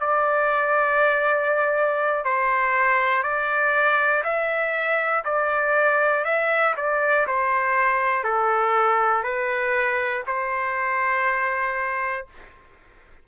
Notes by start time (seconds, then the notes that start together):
0.00 D5
2.25 C5
3.23 D5
4.24 E5
5.25 D5
6.24 E5
6.76 D5
7.26 C5
8.24 A4
9.23 B4
10.26 C5